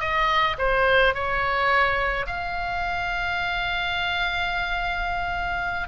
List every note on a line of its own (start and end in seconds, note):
0.00 0.56 D#5
0.58 1.14 C5
1.14 2.26 C#5
2.26 5.88 F5